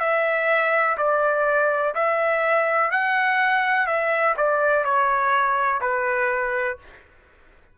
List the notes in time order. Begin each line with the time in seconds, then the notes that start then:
0.00 E5
0.98 D5
1.95 E5
2.91 F#5
3.87 E5
4.37 D5
4.84 C#5
5.81 B4